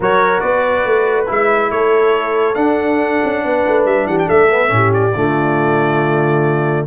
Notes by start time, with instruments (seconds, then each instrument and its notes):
0.00 tuba F#3, trombone F#4, horn A#4, trumpet C#5
0.40 tuba B3, horn B4, trumpet D5
0.85 tuba A3
1.26 tuba G#3, trombone E4, trumpet E5
1.71 tuba A3, horn A4, trumpet C#5
2.54 tuba D4, trombone D4, trumpet F#5
3.24 tuba C#4
3.44 tuba B3, horn B4
3.67 tuba A3
3.85 tuba G3, trumpet E5
4.06 tuba E3, horn G4, trumpet F#5
4.18 trumpet G5
4.26 tuba A3, horn A4, trumpet E5
4.50 trombone B3
4.68 tuba A2, trombone C#4
4.74 horn G4
4.93 trumpet D5
5.15 tuba D3, trombone A3, horn F4